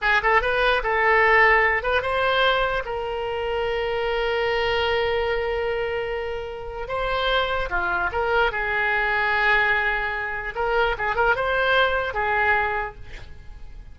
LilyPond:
\new Staff \with { instrumentName = "oboe" } { \time 4/4 \tempo 4 = 148 gis'8 a'8 b'4 a'2~ | a'8 b'8 c''2 ais'4~ | ais'1~ | ais'1~ |
ais'4 c''2 f'4 | ais'4 gis'2.~ | gis'2 ais'4 gis'8 ais'8 | c''2 gis'2 | }